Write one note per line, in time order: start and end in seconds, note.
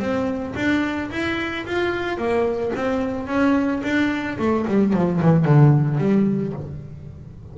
0.00 0.55 C4
0.56 1.11 D4
1.11 1.66 E4
1.67 2.18 F4
2.18 2.72 A#3
2.76 3.28 C4
3.28 3.82 C#4
3.84 4.38 D4
4.39 4.66 A3
4.68 4.94 G3
4.94 5.21 F3
5.22 5.45 E3
5.45 5.99 D3
5.99 6.53 G3